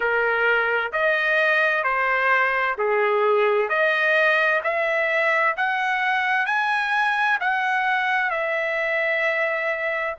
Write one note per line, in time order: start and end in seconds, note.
0.00 0.91 A#4
0.92 1.83 D#5
1.83 2.76 C5
2.77 3.69 G#4
3.69 4.61 D#5
4.63 5.56 E5
5.56 6.46 F#5
6.46 7.38 G#5
7.40 8.30 F#5
8.30 10.15 E5